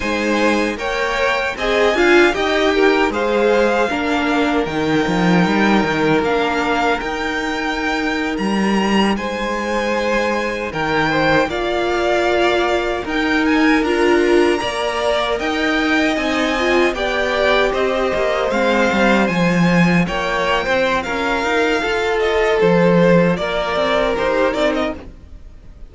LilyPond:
<<
  \new Staff \with { instrumentName = "violin" } { \time 4/4 \tempo 4 = 77 gis''4 g''4 gis''4 g''4 | f''2 g''2 | f''4 g''4.~ g''16 ais''4 gis''16~ | gis''4.~ gis''16 g''4 f''4~ f''16~ |
f''8. g''8 gis''8 ais''2 g''16~ | g''8. gis''4 g''4 dis''4 f''16~ | f''8. gis''4 g''4~ g''16 f''4~ | f''8 dis''8 c''4 d''4 c''8 d''16 dis''16 | }
  \new Staff \with { instrumentName = "violin" } { \time 4/4 c''4 cis''4 dis''8 f''8 dis''8 ais'8 | c''4 ais'2.~ | ais'2.~ ais'8. c''16~ | c''4.~ c''16 ais'8 c''8 d''4~ d''16~ |
d''8. ais'2 d''4 dis''16~ | dis''4.~ dis''16 d''4 c''4~ c''16~ | c''4.~ c''16 cis''8. c''8 ais'4 | a'2 ais'2 | }
  \new Staff \with { instrumentName = "viola" } { \time 4/4 dis'4 ais'4 gis'8 f'8 g'4 | gis'4 d'4 dis'2 | d'4 dis'2.~ | dis'2~ dis'8. f'4~ f'16~ |
f'8. dis'4 f'4 ais'4~ ais'16~ | ais'8. dis'8 f'8 g'2 c'16~ | c'8. f'2.~ f'16~ | f'2. g'8 dis'8 | }
  \new Staff \with { instrumentName = "cello" } { \time 4/4 gis4 ais4 c'8 d'8 dis'4 | gis4 ais4 dis8 f8 g8 dis8 | ais4 dis'4.~ dis'16 g4 gis16~ | gis4.~ gis16 dis4 ais4~ ais16~ |
ais8. dis'4 d'4 ais4 dis'16~ | dis'8. c'4 b4 c'8 ais8 gis16~ | gis16 g8 f4 ais8. c'8 cis'8 dis'8 | f'4 f4 ais8 c'8 dis'8 c'8 | }
>>